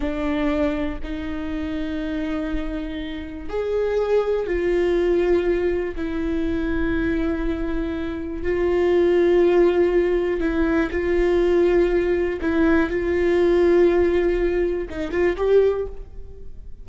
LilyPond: \new Staff \with { instrumentName = "viola" } { \time 4/4 \tempo 4 = 121 d'2 dis'2~ | dis'2. gis'4~ | gis'4 f'2. | e'1~ |
e'4 f'2.~ | f'4 e'4 f'2~ | f'4 e'4 f'2~ | f'2 dis'8 f'8 g'4 | }